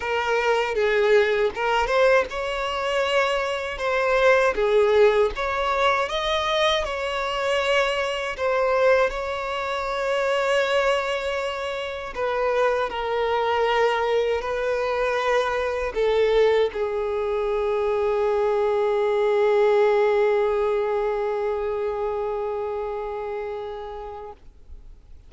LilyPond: \new Staff \with { instrumentName = "violin" } { \time 4/4 \tempo 4 = 79 ais'4 gis'4 ais'8 c''8 cis''4~ | cis''4 c''4 gis'4 cis''4 | dis''4 cis''2 c''4 | cis''1 |
b'4 ais'2 b'4~ | b'4 a'4 gis'2~ | gis'1~ | gis'1 | }